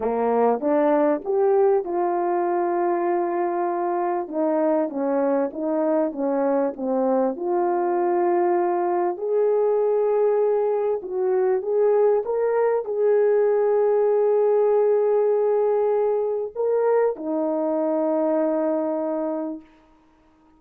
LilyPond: \new Staff \with { instrumentName = "horn" } { \time 4/4 \tempo 4 = 98 ais4 d'4 g'4 f'4~ | f'2. dis'4 | cis'4 dis'4 cis'4 c'4 | f'2. gis'4~ |
gis'2 fis'4 gis'4 | ais'4 gis'2.~ | gis'2. ais'4 | dis'1 | }